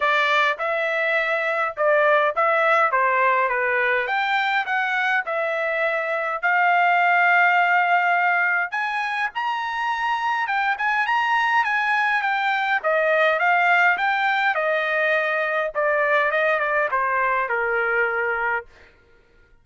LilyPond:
\new Staff \with { instrumentName = "trumpet" } { \time 4/4 \tempo 4 = 103 d''4 e''2 d''4 | e''4 c''4 b'4 g''4 | fis''4 e''2 f''4~ | f''2. gis''4 |
ais''2 g''8 gis''8 ais''4 | gis''4 g''4 dis''4 f''4 | g''4 dis''2 d''4 | dis''8 d''8 c''4 ais'2 | }